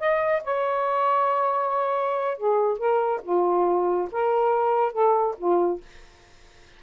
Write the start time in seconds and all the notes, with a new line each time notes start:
0.00 D#5
0.44 C#5
2.38 G#4
2.78 A#4
3.23 F4
4.12 A#4
4.93 A4
5.38 F4